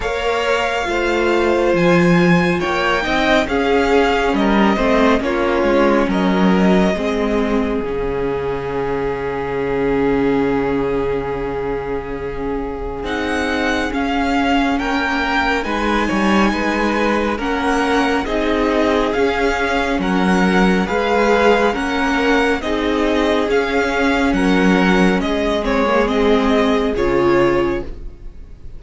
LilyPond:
<<
  \new Staff \with { instrumentName = "violin" } { \time 4/4 \tempo 4 = 69 f''2 gis''4 g''4 | f''4 dis''4 cis''4 dis''4~ | dis''4 f''2.~ | f''2. fis''4 |
f''4 g''4 gis''2 | fis''4 dis''4 f''4 fis''4 | f''4 fis''4 dis''4 f''4 | fis''4 dis''8 cis''8 dis''4 cis''4 | }
  \new Staff \with { instrumentName = "violin" } { \time 4/4 cis''4 c''2 cis''8 dis''8 | gis'4 ais'8 c''8 f'4 ais'4 | gis'1~ | gis'1~ |
gis'4 ais'4 b'8 cis''8 b'4 | ais'4 gis'2 ais'4 | b'4 ais'4 gis'2 | ais'4 gis'2. | }
  \new Staff \with { instrumentName = "viola" } { \time 4/4 ais'4 f'2~ f'8 dis'8 | cis'4. c'8 cis'2 | c'4 cis'2.~ | cis'2. dis'4 |
cis'2 dis'2 | cis'4 dis'4 cis'2 | gis'4 cis'4 dis'4 cis'4~ | cis'4. c'16 ais16 c'4 f'4 | }
  \new Staff \with { instrumentName = "cello" } { \time 4/4 ais4 a4 f4 ais8 c'8 | cis'4 g8 a8 ais8 gis8 fis4 | gis4 cis2.~ | cis2. c'4 |
cis'4 ais4 gis8 g8 gis4 | ais4 c'4 cis'4 fis4 | gis4 ais4 c'4 cis'4 | fis4 gis2 cis4 | }
>>